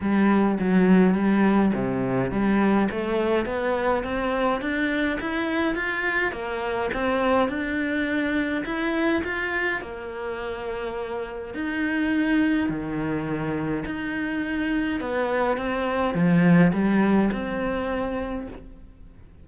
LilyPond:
\new Staff \with { instrumentName = "cello" } { \time 4/4 \tempo 4 = 104 g4 fis4 g4 c4 | g4 a4 b4 c'4 | d'4 e'4 f'4 ais4 | c'4 d'2 e'4 |
f'4 ais2. | dis'2 dis2 | dis'2 b4 c'4 | f4 g4 c'2 | }